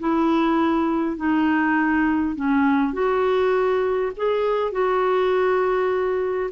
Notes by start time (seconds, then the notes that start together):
0.00 E4
1.17 D#4
2.36 C#4
2.94 F#4
4.17 G#4
4.72 F#4